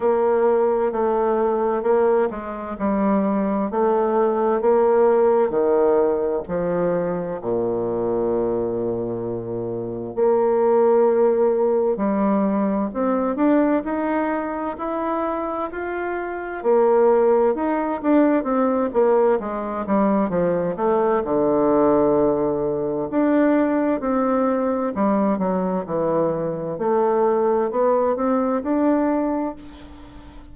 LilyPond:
\new Staff \with { instrumentName = "bassoon" } { \time 4/4 \tempo 4 = 65 ais4 a4 ais8 gis8 g4 | a4 ais4 dis4 f4 | ais,2. ais4~ | ais4 g4 c'8 d'8 dis'4 |
e'4 f'4 ais4 dis'8 d'8 | c'8 ais8 gis8 g8 f8 a8 d4~ | d4 d'4 c'4 g8 fis8 | e4 a4 b8 c'8 d'4 | }